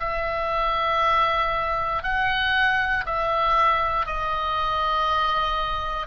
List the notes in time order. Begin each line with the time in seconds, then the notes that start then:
0.00 E5
2.03 F#5
3.06 E5
4.06 D#5